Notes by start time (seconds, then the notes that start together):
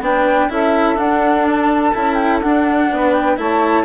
0.00 B3 D4 B4 G5
0.49 C#4 E4 A4 E5
0.96 D4 F#5
1.48 A5
1.95 C#4 E4
2.15 G5
2.41 D4 F#5
2.90 B3 B4
3.12 G5
3.36 A3 E4 C#5 A5